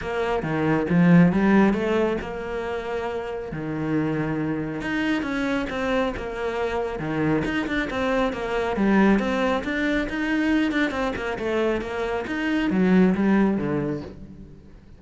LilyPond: \new Staff \with { instrumentName = "cello" } { \time 4/4 \tempo 4 = 137 ais4 dis4 f4 g4 | a4 ais2. | dis2. dis'4 | cis'4 c'4 ais2 |
dis4 dis'8 d'8 c'4 ais4 | g4 c'4 d'4 dis'4~ | dis'8 d'8 c'8 ais8 a4 ais4 | dis'4 fis4 g4 d4 | }